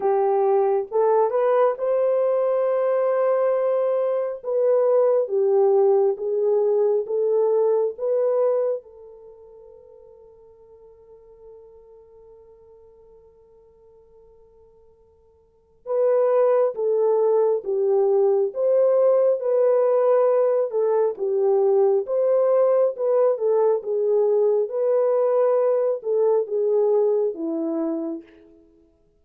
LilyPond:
\new Staff \with { instrumentName = "horn" } { \time 4/4 \tempo 4 = 68 g'4 a'8 b'8 c''2~ | c''4 b'4 g'4 gis'4 | a'4 b'4 a'2~ | a'1~ |
a'2 b'4 a'4 | g'4 c''4 b'4. a'8 | g'4 c''4 b'8 a'8 gis'4 | b'4. a'8 gis'4 e'4 | }